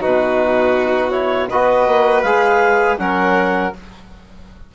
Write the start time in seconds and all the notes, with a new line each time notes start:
0.00 B2 D#4 F#4 B4
1.10 E4 C#5
1.48 B3 F#4 B4 D#5
1.87 A#3
2.22 G#3 G#4 F5
2.98 F#3 C#4 A#4 F#5